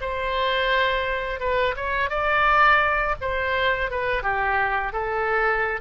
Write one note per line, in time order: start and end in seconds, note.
0.00 1.40 C5
1.40 1.75 B4
1.76 2.10 C#5
2.10 3.15 D5
3.21 3.90 C5
3.90 4.22 B4
4.22 4.92 G4
4.92 5.80 A4